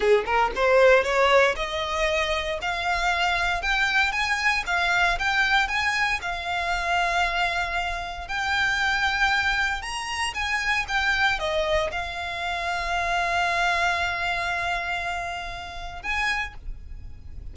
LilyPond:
\new Staff \with { instrumentName = "violin" } { \time 4/4 \tempo 4 = 116 gis'8 ais'8 c''4 cis''4 dis''4~ | dis''4 f''2 g''4 | gis''4 f''4 g''4 gis''4 | f''1 |
g''2. ais''4 | gis''4 g''4 dis''4 f''4~ | f''1~ | f''2. gis''4 | }